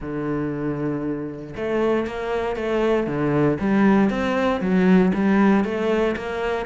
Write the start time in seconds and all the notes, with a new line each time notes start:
0.00 D3
1.56 A3
2.07 A#3
2.55 A3
3.07 D3
3.59 G3
4.10 C4
4.60 F#3
5.14 G3
5.64 A3
6.16 A#3